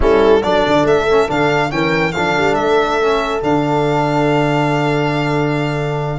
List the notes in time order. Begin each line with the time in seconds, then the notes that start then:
0.00 G3 C#4 E4 A4
0.42 F#3 D4 A4 D5
0.66 D3
0.85 A3 E5
1.09 C#4
1.28 D3 D4 F5
1.70 E3 C#4 A#4 G5
2.12 F3 D4 A4 F5
2.38 G3
2.54 A3 E5
3.01 C#4
3.42 D3 D4 F5